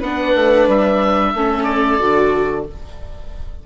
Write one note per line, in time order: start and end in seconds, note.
0.00 0.34 B3
0.00 1.35 D4
0.00 1.31 B4
0.00 0.68 F#5
0.35 0.67 A3
0.67 1.33 G3
0.67 1.63 E5
1.31 1.99 A3
1.31 1.99 C#4
1.31 2.63 A4
1.63 2.62 D5
1.99 2.66 D3
1.99 2.65 F#4